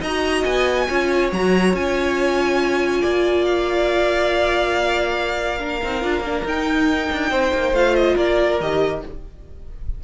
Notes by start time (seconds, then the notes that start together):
0.00 D#4 F#4 D#5 A#5
0.44 B3 G#5
0.88 C#4 F4 C#5
1.32 F#3 F#4 A#5
1.73 C#4 F4 G#5
3.01 A#3 D5
3.45 F5
5.58 D4 A#4
5.82 C4 D#4
6.01 D4 F4
6.20 A#3 D4
6.44 D#4 G5
7.12 D4
7.30 C4 C5
7.54 A#3
7.72 A3 F4 F5
7.95 D#5
8.15 A#3 A#4 D5
8.59 D#3 G4 D#5